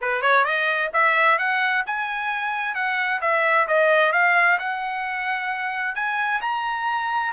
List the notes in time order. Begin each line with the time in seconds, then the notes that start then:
0.01 B4
0.21 C#5
0.44 D#5
0.93 E5
1.38 F#5
1.86 G#5
2.74 F#5
3.21 E5
3.67 D#5
4.12 F5
4.59 F#5
5.95 G#5
6.41 A#5